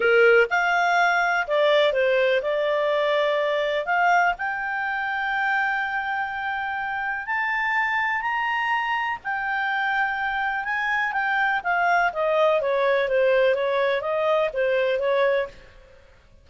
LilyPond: \new Staff \with { instrumentName = "clarinet" } { \time 4/4 \tempo 4 = 124 ais'4 f''2 d''4 | c''4 d''2. | f''4 g''2.~ | g''2. a''4~ |
a''4 ais''2 g''4~ | g''2 gis''4 g''4 | f''4 dis''4 cis''4 c''4 | cis''4 dis''4 c''4 cis''4 | }